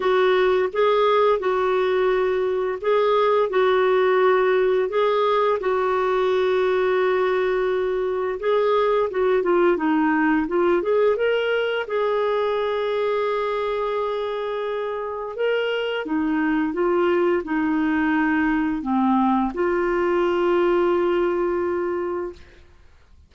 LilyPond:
\new Staff \with { instrumentName = "clarinet" } { \time 4/4 \tempo 4 = 86 fis'4 gis'4 fis'2 | gis'4 fis'2 gis'4 | fis'1 | gis'4 fis'8 f'8 dis'4 f'8 gis'8 |
ais'4 gis'2.~ | gis'2 ais'4 dis'4 | f'4 dis'2 c'4 | f'1 | }